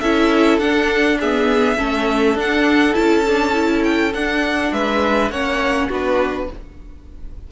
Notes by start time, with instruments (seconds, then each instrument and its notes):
0.00 cello C#4, viola E4, violin A4 E5
0.58 cello D4, viola D4, violin F#5
1.20 viola B3, violin G#4 E5
1.77 cello A3, viola C#4, violin A4
2.35 cello D4, viola D4, violin F#5
2.93 cello C#4, viola E4, violin A5
3.28 viola D4
3.52 viola E4
3.84 violin G5
4.14 cello D4, viola D4, violin F#5
4.72 cello G#3, violin B4 E5
5.30 cello A#3, viola C#4, violin C#5 F#5
5.88 cello B3, viola D4, violin F#4 B4